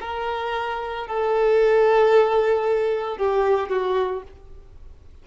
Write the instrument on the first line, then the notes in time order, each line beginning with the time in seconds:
violin
0.00 A#4
1.07 A4
3.17 G4
3.69 F#4